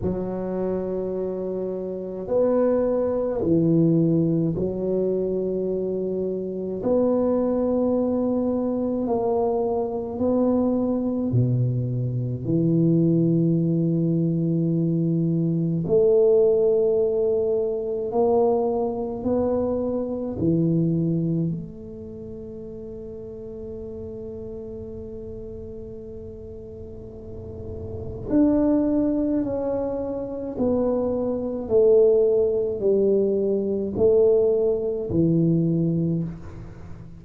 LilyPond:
\new Staff \with { instrumentName = "tuba" } { \time 4/4 \tempo 4 = 53 fis2 b4 e4 | fis2 b2 | ais4 b4 b,4 e4~ | e2 a2 |
ais4 b4 e4 a4~ | a1~ | a4 d'4 cis'4 b4 | a4 g4 a4 e4 | }